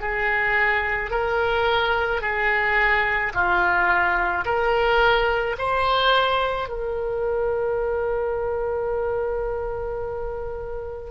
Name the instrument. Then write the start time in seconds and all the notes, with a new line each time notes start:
oboe
0.00 G#4
1.11 A#4
2.21 G#4
3.33 F4
4.44 A#4
5.58 C5
6.68 A#4